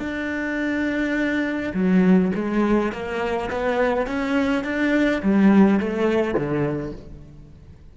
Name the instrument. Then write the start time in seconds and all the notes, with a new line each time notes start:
cello
0.00 D4
1.74 F#3
2.35 G#3
2.93 A#3
3.51 B3
4.07 C#4
4.64 D4
5.23 G3
5.80 A3
6.35 D3